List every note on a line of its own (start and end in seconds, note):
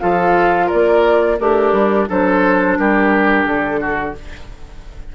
0.00 0.72 F3
0.00 1.38 F4
0.00 0.67 A4
0.00 0.69 F5
0.67 1.36 A#4
0.67 1.39 D5
0.73 1.40 A#3
1.39 1.73 A3
1.39 2.09 D4
1.39 2.09 G4
1.39 2.08 A#4
1.73 2.07 G3
2.09 2.79 F#3
2.09 4.16 D4
2.09 2.78 A4
2.09 2.78 C5
2.78 3.45 G3
2.78 3.81 G4
2.78 3.46 A#4
3.45 4.14 D3
3.45 4.15 A4
3.81 4.15 F#4